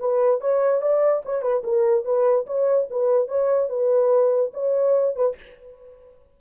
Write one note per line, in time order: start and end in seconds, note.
0.00 0.41 B4
0.41 0.82 C#5
0.82 1.23 D5
1.25 1.42 C#5
1.42 1.63 B4
1.64 2.05 A#4
2.05 2.47 B4
2.47 2.88 C#5
2.91 3.28 B4
3.28 3.70 C#5
3.70 4.52 B4
4.54 5.16 C#5
5.16 5.37 B4